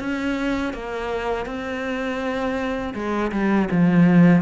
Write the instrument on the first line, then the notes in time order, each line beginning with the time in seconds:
cello
0.00 C#4
0.74 A#3
1.46 C4
2.95 G#3
3.32 G3
3.71 F3